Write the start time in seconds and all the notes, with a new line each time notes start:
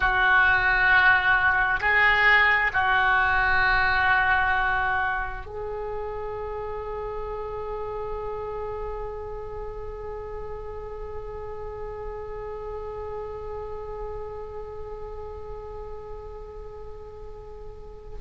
0.00 F#4
1.80 G#4
2.73 F#4
5.45 G#4